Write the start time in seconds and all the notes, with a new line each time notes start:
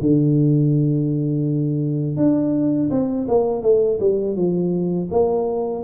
0.00 D3
2.16 D4
2.90 C4
3.28 A#3
3.62 A3
3.99 G3
4.35 F3
5.11 A#3